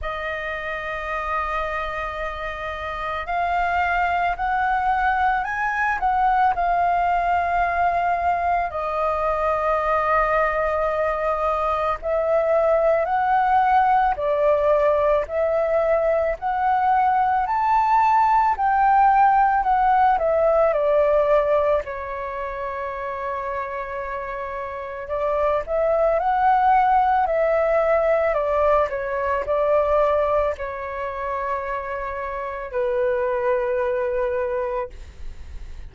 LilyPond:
\new Staff \with { instrumentName = "flute" } { \time 4/4 \tempo 4 = 55 dis''2. f''4 | fis''4 gis''8 fis''8 f''2 | dis''2. e''4 | fis''4 d''4 e''4 fis''4 |
a''4 g''4 fis''8 e''8 d''4 | cis''2. d''8 e''8 | fis''4 e''4 d''8 cis''8 d''4 | cis''2 b'2 | }